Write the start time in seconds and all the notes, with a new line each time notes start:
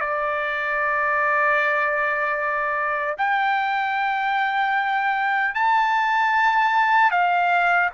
0.00 D5
3.18 G5
5.54 A5
7.11 F5